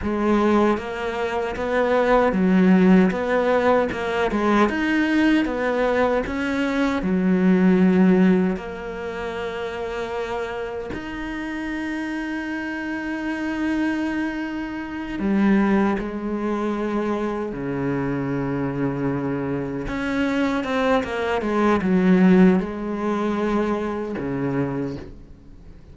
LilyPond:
\new Staff \with { instrumentName = "cello" } { \time 4/4 \tempo 4 = 77 gis4 ais4 b4 fis4 | b4 ais8 gis8 dis'4 b4 | cis'4 fis2 ais4~ | ais2 dis'2~ |
dis'2.~ dis'8 g8~ | g8 gis2 cis4.~ | cis4. cis'4 c'8 ais8 gis8 | fis4 gis2 cis4 | }